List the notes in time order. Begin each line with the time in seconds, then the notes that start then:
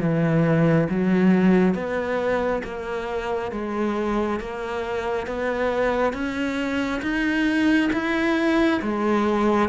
0.00 E3
0.89 F#3
1.74 B3
2.64 A#3
3.52 G#3
4.40 A#3
5.27 B3
6.13 C#4
7.02 D#4
7.93 E4
8.82 G#3